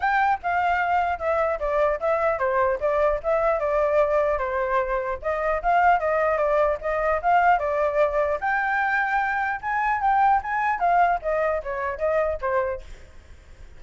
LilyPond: \new Staff \with { instrumentName = "flute" } { \time 4/4 \tempo 4 = 150 g''4 f''2 e''4 | d''4 e''4 c''4 d''4 | e''4 d''2 c''4~ | c''4 dis''4 f''4 dis''4 |
d''4 dis''4 f''4 d''4~ | d''4 g''2. | gis''4 g''4 gis''4 f''4 | dis''4 cis''4 dis''4 c''4 | }